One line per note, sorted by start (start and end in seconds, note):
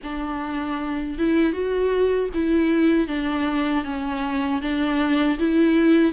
0.03 1.18 D4
1.18 1.52 E4
1.52 2.29 F#4
2.34 3.07 E4
3.07 3.84 D4
3.84 4.61 C#4
4.61 5.38 D4
5.38 6.12 E4